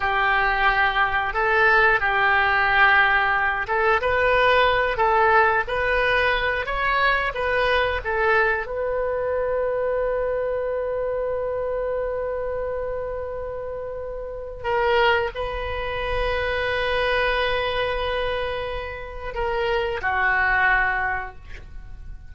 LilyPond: \new Staff \with { instrumentName = "oboe" } { \time 4/4 \tempo 4 = 90 g'2 a'4 g'4~ | g'4. a'8 b'4. a'8~ | a'8 b'4. cis''4 b'4 | a'4 b'2.~ |
b'1~ | b'2 ais'4 b'4~ | b'1~ | b'4 ais'4 fis'2 | }